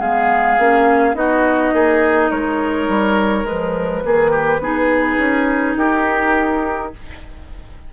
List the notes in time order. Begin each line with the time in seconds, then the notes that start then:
0.00 G#3 B3 G#4 F5
0.58 A#3 C#4
1.14 B3 D#4 F#4 D#5
1.73 A#3 G#4
2.30 G#3 A#4 C#5
2.88 G3
3.43 F3 G#3 B4
4.04 D#3 A#3 G#4
4.31 G4
4.59 B3 D#4 G#4
5.18 C#4
5.76 D#4 G4 A#4